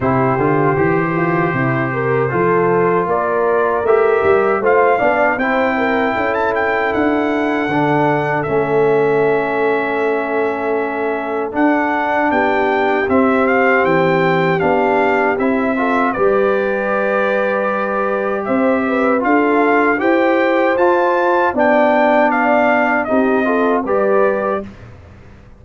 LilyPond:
<<
  \new Staff \with { instrumentName = "trumpet" } { \time 4/4 \tempo 4 = 78 c''1 | d''4 e''4 f''4 g''4~ | g''16 a''16 g''8 fis''2 e''4~ | e''2. fis''4 |
g''4 e''8 f''8 g''4 f''4 | e''4 d''2. | e''4 f''4 g''4 a''4 | g''4 f''4 dis''4 d''4 | }
  \new Staff \with { instrumentName = "horn" } { \time 4/4 g'4. f'8 e'8 ais'8 a'4 | ais'2 c''8 d''8 c''8 ais'8 | a'1~ | a'1 |
g'1~ | g'8 a'8 b'2. | c''8 b'8 a'4 c''2 | d''2 g'8 a'8 b'4 | }
  \new Staff \with { instrumentName = "trombone" } { \time 4/4 e'8 f'8 g'2 f'4~ | f'4 g'4 f'8 d'8 e'4~ | e'2 d'4 cis'4~ | cis'2. d'4~ |
d'4 c'2 d'4 | e'8 f'8 g'2.~ | g'4 f'4 g'4 f'4 | d'2 dis'8 f'8 g'4 | }
  \new Staff \with { instrumentName = "tuba" } { \time 4/4 c8 d8 e4 c4 f4 | ais4 a8 g8 a8 b8 c'4 | cis'4 d'4 d4 a4~ | a2. d'4 |
b4 c'4 e4 b4 | c'4 g2. | c'4 d'4 e'4 f'4 | b2 c'4 g4 | }
>>